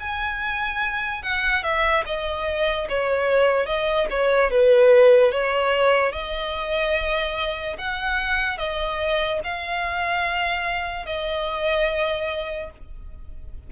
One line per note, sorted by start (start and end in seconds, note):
0.00 1.23 G#5
1.23 1.63 F#5
1.63 2.04 E5
2.06 2.88 D#5
2.89 3.66 C#5
3.66 4.07 D#5
4.11 4.51 C#5
4.51 5.32 B4
5.32 6.12 C#5
6.12 7.77 D#5
7.79 8.58 F#5
8.58 9.40 D#5
9.44 11.06 F5
11.06 12.70 D#5